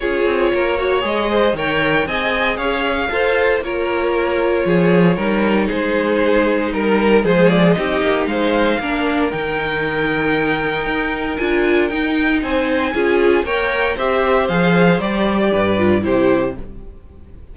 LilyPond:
<<
  \new Staff \with { instrumentName = "violin" } { \time 4/4 \tempo 4 = 116 cis''2 dis''4 g''4 | gis''4 f''2 cis''4~ | cis''2. c''4~ | c''4 ais'4 c''8 d''8 dis''4 |
f''2 g''2~ | g''2 gis''4 g''4 | gis''2 g''4 e''4 | f''4 d''2 c''4 | }
  \new Staff \with { instrumentName = "violin" } { \time 4/4 gis'4 ais'8 cis''4 c''8 cis''4 | dis''4 cis''4 c''4 ais'4~ | ais'4 gis'4 ais'4 gis'4~ | gis'4 ais'4 gis'4 g'4 |
c''4 ais'2.~ | ais'1 | c''4 gis'4 cis''4 c''4~ | c''2 b'4 g'4 | }
  \new Staff \with { instrumentName = "viola" } { \time 4/4 f'4. fis'8 gis'4 ais'4 | gis'2 a'4 f'4~ | f'2 dis'2~ | dis'2 gis4 dis'4~ |
dis'4 d'4 dis'2~ | dis'2 f'4 dis'4~ | dis'4 f'4 ais'4 g'4 | gis'4 g'4. f'8 e'4 | }
  \new Staff \with { instrumentName = "cello" } { \time 4/4 cis'8 c'8 ais4 gis4 dis4 | c'4 cis'4 f'4 ais4~ | ais4 f4 g4 gis4~ | gis4 g4 f4 c'8 ais8 |
gis4 ais4 dis2~ | dis4 dis'4 d'4 dis'4 | c'4 cis'4 ais4 c'4 | f4 g4 g,4 c4 | }
>>